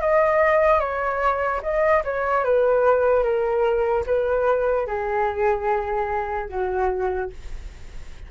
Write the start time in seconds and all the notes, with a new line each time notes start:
0.00 D#5
0.80 C#5
1.62 D#5
2.04 C#5
2.44 B4
3.23 A#4
4.06 B4
4.86 G#4
6.49 F#4